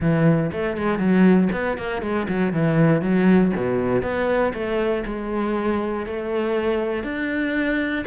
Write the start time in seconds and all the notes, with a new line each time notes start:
0.00 E3
0.52 A3
0.76 G#3
0.98 F#3
1.52 B3
1.77 A#3
2.02 G#3
2.28 F#3
2.52 E3
3.01 F#3
3.56 B2
4.02 B3
4.53 A3
5.05 G#3
6.06 A3
7.03 D4